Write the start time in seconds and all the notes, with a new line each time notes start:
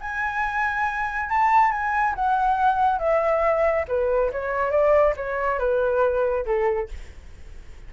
0.00 G#5
1.29 A5
1.71 G#5
2.15 F#5
2.99 E5
3.88 B4
4.32 C#5
4.71 D5
5.16 C#5
5.59 B4
6.45 A4